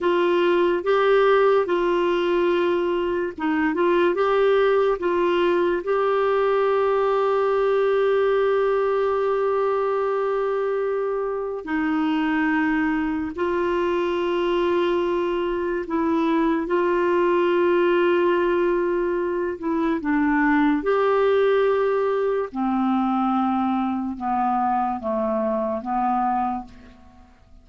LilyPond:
\new Staff \with { instrumentName = "clarinet" } { \time 4/4 \tempo 4 = 72 f'4 g'4 f'2 | dis'8 f'8 g'4 f'4 g'4~ | g'1~ | g'2 dis'2 |
f'2. e'4 | f'2.~ f'8 e'8 | d'4 g'2 c'4~ | c'4 b4 a4 b4 | }